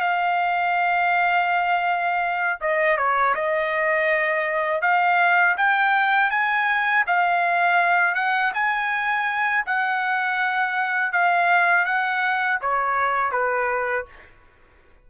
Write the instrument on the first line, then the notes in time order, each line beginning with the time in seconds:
trumpet
0.00 F5
2.60 D#5
2.97 C#5
3.34 D#5
4.81 F5
5.57 G5
6.30 G#5
7.06 F5
8.14 F#5
8.54 G#5
9.66 F#5
11.12 F5
11.85 F#5
12.61 C#5
13.31 B4